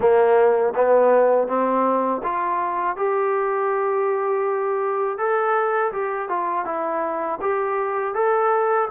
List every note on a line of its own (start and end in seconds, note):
0.00 0.73 A#3
0.75 1.47 B3
1.47 2.21 C4
2.23 2.96 F4
2.96 5.18 G4
5.18 5.92 A4
5.92 6.29 G4
6.29 6.65 F4
6.65 7.39 E4
7.41 8.14 G4
8.14 8.88 A4